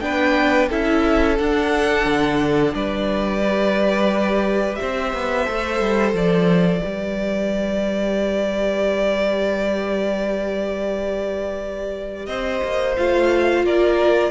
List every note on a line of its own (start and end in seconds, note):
0.00 0.69 B3
0.00 0.69 D4
0.00 0.69 B4
0.00 0.68 G5
0.69 1.39 C#4
0.69 1.38 E4
0.69 2.74 A4
0.69 1.38 E5
1.38 3.41 D4
1.38 2.05 D4
1.38 2.74 F#5
2.05 2.73 D3
2.74 4.79 G3
2.74 4.79 B4
2.74 4.75 D5
3.41 5.46 G4
4.75 6.82 C5
4.75 6.11 E5
4.82 5.13 C4
5.13 5.47 B3
5.46 5.80 A3
5.46 6.81 A4
5.80 6.13 G3
6.13 6.82 F3
6.13 12.26 D5
6.81 12.27 G3
6.81 12.95 G4
6.81 12.27 B4
12.26 12.61 C4
12.26 13.65 C5
12.26 12.94 D#5
12.63 12.97 A#3
12.97 13.64 A3
12.97 14.30 F4
12.97 13.65 F5
13.64 14.30 A#3
13.64 14.30 A#4
13.64 14.30 D5